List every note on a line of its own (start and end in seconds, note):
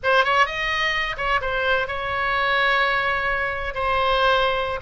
0.03 0.24 C5
0.24 0.45 C#5
0.45 1.16 D#5
1.17 1.40 C#5
1.41 1.87 C5
1.87 3.74 C#5
3.74 4.80 C5